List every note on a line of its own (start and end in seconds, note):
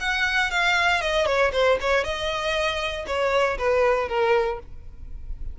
0.00 0.51 F#5
0.51 1.01 F5
1.01 1.26 D#5
1.26 1.52 C#5
1.53 1.78 C5
1.81 2.04 C#5
2.04 3.06 D#5
3.07 3.58 C#5
3.58 4.08 B4
4.08 4.59 A#4